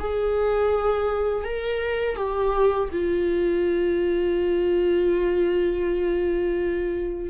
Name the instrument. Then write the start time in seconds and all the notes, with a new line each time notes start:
viola
0.00 G#4
1.44 A#4
2.17 G4
2.92 F4